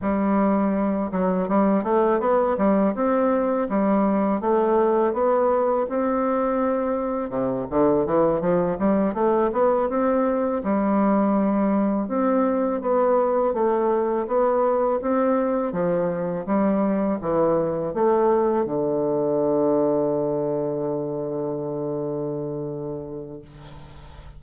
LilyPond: \new Staff \with { instrumentName = "bassoon" } { \time 4/4 \tempo 4 = 82 g4. fis8 g8 a8 b8 g8 | c'4 g4 a4 b4 | c'2 c8 d8 e8 f8 | g8 a8 b8 c'4 g4.~ |
g8 c'4 b4 a4 b8~ | b8 c'4 f4 g4 e8~ | e8 a4 d2~ d8~ | d1 | }